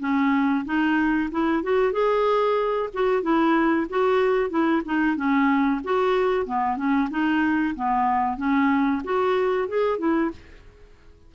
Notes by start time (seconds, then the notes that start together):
0.00 C#4
0.65 D#4
1.31 E4
1.63 F#4
1.92 G#4
2.94 F#4
3.22 E4
3.89 F#4
4.50 E4
4.85 D#4
5.16 C#4
5.84 F#4
6.46 B3
6.77 C#4
7.10 D#4
7.75 B3
8.37 C#4
9.04 F#4
9.68 G#4
9.98 E4